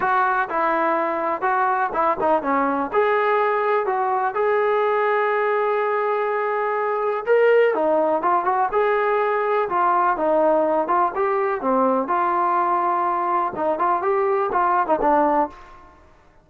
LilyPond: \new Staff \with { instrumentName = "trombone" } { \time 4/4 \tempo 4 = 124 fis'4 e'2 fis'4 | e'8 dis'8 cis'4 gis'2 | fis'4 gis'2.~ | gis'2. ais'4 |
dis'4 f'8 fis'8 gis'2 | f'4 dis'4. f'8 g'4 | c'4 f'2. | dis'8 f'8 g'4 f'8. dis'16 d'4 | }